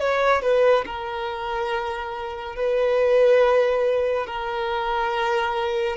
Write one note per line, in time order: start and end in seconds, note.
0.00 0.42 C#5
0.42 0.85 B4
0.86 2.56 A#4
2.56 4.27 B4
4.27 5.96 A#4